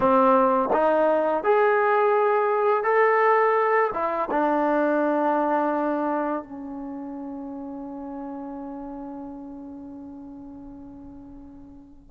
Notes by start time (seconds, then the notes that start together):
0.00 C4
0.72 D#4
1.43 G#4
2.83 A4
3.93 E4
4.30 D4
6.43 C#4